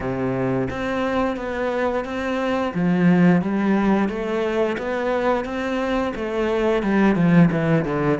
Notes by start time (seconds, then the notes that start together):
0.00 C3
0.70 C4
1.36 B3
2.05 C4
2.74 F3
3.41 G3
4.08 A3
4.78 B3
5.45 C4
6.15 A3
6.82 G3
7.15 F3
7.51 E3
7.84 D3